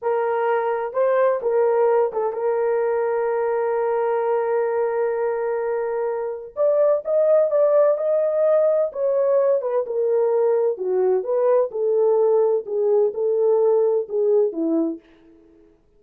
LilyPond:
\new Staff \with { instrumentName = "horn" } { \time 4/4 \tempo 4 = 128 ais'2 c''4 ais'4~ | ais'8 a'8 ais'2.~ | ais'1~ | ais'2 d''4 dis''4 |
d''4 dis''2 cis''4~ | cis''8 b'8 ais'2 fis'4 | b'4 a'2 gis'4 | a'2 gis'4 e'4 | }